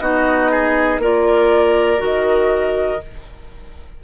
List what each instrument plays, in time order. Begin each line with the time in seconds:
0.00 bassoon B3, clarinet D#4, oboe F#4, flute D#5
0.51 oboe G#4
0.99 bassoon A#3, clarinet F4, oboe A#4, flute D5
1.97 bassoon D#3, clarinet F#4
2.04 flute D#5